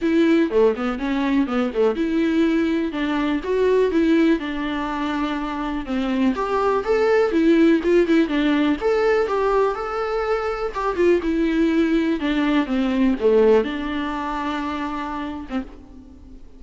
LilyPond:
\new Staff \with { instrumentName = "viola" } { \time 4/4 \tempo 4 = 123 e'4 a8 b8 cis'4 b8 a8 | e'2 d'4 fis'4 | e'4 d'2. | c'4 g'4 a'4 e'4 |
f'8 e'8 d'4 a'4 g'4 | a'2 g'8 f'8 e'4~ | e'4 d'4 c'4 a4 | d'2.~ d'8. c'16 | }